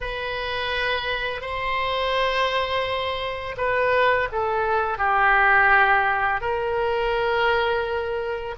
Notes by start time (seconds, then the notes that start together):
0.01 B4
1.41 C5
3.57 B4
4.31 A4
4.97 G4
6.41 A#4